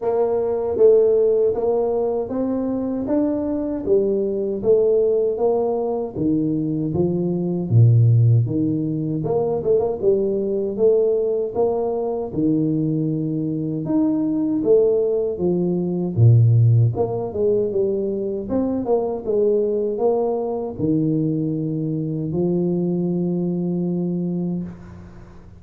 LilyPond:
\new Staff \with { instrumentName = "tuba" } { \time 4/4 \tempo 4 = 78 ais4 a4 ais4 c'4 | d'4 g4 a4 ais4 | dis4 f4 ais,4 dis4 | ais8 a16 ais16 g4 a4 ais4 |
dis2 dis'4 a4 | f4 ais,4 ais8 gis8 g4 | c'8 ais8 gis4 ais4 dis4~ | dis4 f2. | }